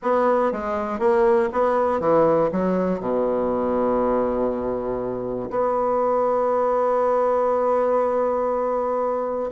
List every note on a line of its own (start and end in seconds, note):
0.02 0.52 B3
0.52 0.99 G#3
0.99 1.49 A#3
1.52 2.00 B3
2.00 2.50 E3
2.52 3.00 F#3
3.00 5.50 B2
5.50 9.50 B3